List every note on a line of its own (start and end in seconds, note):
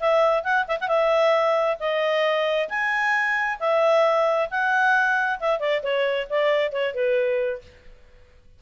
0.00 0.44 E5
0.44 0.66 F#5
0.67 0.79 E5
0.80 0.88 F#5
0.88 1.77 E5
1.79 2.69 D#5
2.69 3.59 G#5
3.59 4.49 E5
4.50 5.40 F#5
5.40 5.59 E5
5.59 5.82 D5
5.83 6.28 C#5
6.30 6.72 D5
6.72 6.94 C#5
6.94 7.62 B4